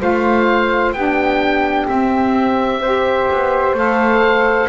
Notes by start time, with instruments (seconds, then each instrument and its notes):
0.00 double bass A3, saxophone F4, flute C5, oboe F5
0.93 double bass B3, saxophone D4, flute G4, oboe G5
1.88 saxophone C4, double bass C4, oboe E5
2.81 saxophone G4, flute C5
3.31 double bass B3
3.74 double bass A3, saxophone A4, oboe F5